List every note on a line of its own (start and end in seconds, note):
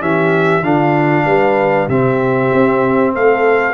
0.00 0.62 E3
0.00 0.62 C#4
0.00 0.62 G4
0.00 0.64 E5
0.62 1.24 D3
0.62 1.89 D4
0.62 1.25 F4
0.62 1.89 F5
1.25 1.88 G3
1.25 1.88 B4
1.88 2.51 C3
1.88 3.74 C4
1.88 3.13 G4
1.88 3.14 E5
2.54 3.15 C4
3.14 3.74 A3
3.14 3.74 A4
3.14 3.74 F5